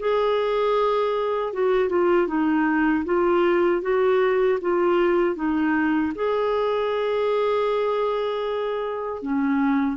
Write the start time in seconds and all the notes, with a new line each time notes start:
0.00 G#4
1.53 F#4
1.90 F4
2.28 D#4
3.05 F4
3.83 F#4
4.62 F4
5.36 D#4
6.16 G#4
9.22 C#4